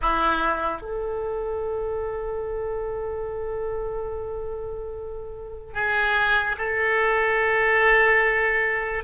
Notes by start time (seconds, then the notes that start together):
0.01 E4
0.81 A4
5.73 G#4
6.58 A4